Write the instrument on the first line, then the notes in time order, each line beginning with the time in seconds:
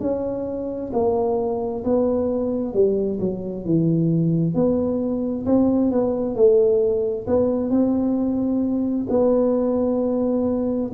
tuba
0.00 C#4
0.93 A#3
1.84 B3
2.74 G3
3.19 F#3
3.64 E3
4.55 B3
5.46 C4
5.91 B3
6.35 A3
7.27 B3
7.70 C4
9.10 B3